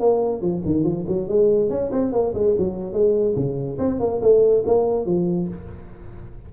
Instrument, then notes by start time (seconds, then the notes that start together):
tuba
0.00 A#3
0.42 F3
0.65 D#3
0.84 F3
1.08 F#3
1.28 G#3
1.70 C#4
1.92 C4
2.12 A#3
2.34 G#3
2.58 F#3
2.93 G#3
3.36 C#3
3.79 C4
4.00 A#3
4.22 A3
4.66 A#3
5.06 F3